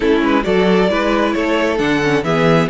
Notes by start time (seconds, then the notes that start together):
0.00 A3 C#4 E4 A4
0.22 G#3 B4
0.43 F#3 F#4 A4 D5
0.89 G#3 E4 B4
1.33 A3 A4 C#5
1.77 D3 D4 F#5
2.02 C#4
2.23 E3 B3 G#4 E5